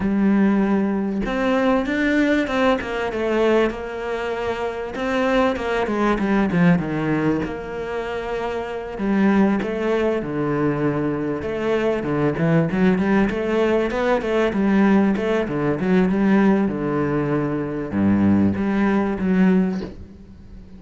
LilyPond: \new Staff \with { instrumentName = "cello" } { \time 4/4 \tempo 4 = 97 g2 c'4 d'4 | c'8 ais8 a4 ais2 | c'4 ais8 gis8 g8 f8 dis4 | ais2~ ais8 g4 a8~ |
a8 d2 a4 d8 | e8 fis8 g8 a4 b8 a8 g8~ | g8 a8 d8 fis8 g4 d4~ | d4 g,4 g4 fis4 | }